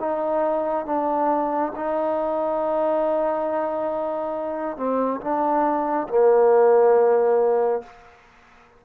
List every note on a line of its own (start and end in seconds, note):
0.00 0.86 D#4
0.86 1.73 D4
1.76 4.77 D#4
4.77 5.21 C4
5.21 6.08 D4
6.09 7.83 A#3